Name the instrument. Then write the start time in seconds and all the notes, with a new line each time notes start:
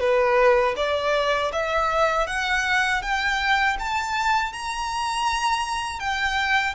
violin
0.00 B4
0.77 D5
1.53 E5
2.27 F#5
3.02 G5
3.80 A5
4.53 A#5
6.00 G5